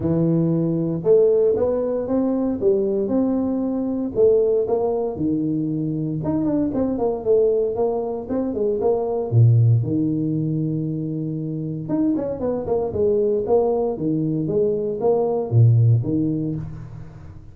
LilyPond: \new Staff \with { instrumentName = "tuba" } { \time 4/4 \tempo 4 = 116 e2 a4 b4 | c'4 g4 c'2 | a4 ais4 dis2 | dis'8 d'8 c'8 ais8 a4 ais4 |
c'8 gis8 ais4 ais,4 dis4~ | dis2. dis'8 cis'8 | b8 ais8 gis4 ais4 dis4 | gis4 ais4 ais,4 dis4 | }